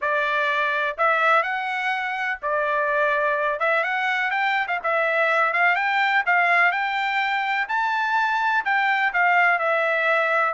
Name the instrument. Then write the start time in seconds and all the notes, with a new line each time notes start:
trumpet
0.01 D5
0.97 E5
1.43 F#5
2.42 D5
3.59 E5
3.83 F#5
4.31 G5
4.67 F5
4.83 E5
5.53 F5
5.75 G5
6.25 F5
6.71 G5
7.68 A5
8.64 G5
9.13 F5
9.58 E5